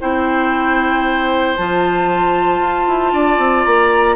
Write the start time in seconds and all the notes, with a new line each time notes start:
0.00 C4 E4 C5 G5
1.56 F3 F4 A5
2.60 F4
2.88 E4
3.13 D4 D5
3.38 C4
3.64 A#3 A#5